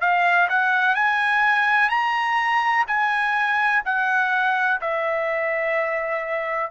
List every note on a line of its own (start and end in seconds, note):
0.00 0.48 F5
0.48 0.95 F#5
0.95 1.89 G#5
1.89 2.84 A#5
2.87 3.82 G#5
3.84 4.80 F#5
4.81 6.70 E5